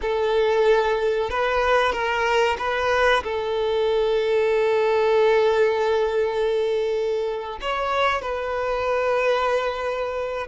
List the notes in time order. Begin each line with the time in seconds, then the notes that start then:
0.01 A4
1.30 B4
1.92 A#4
2.58 B4
3.23 A4
7.61 C#5
8.21 B4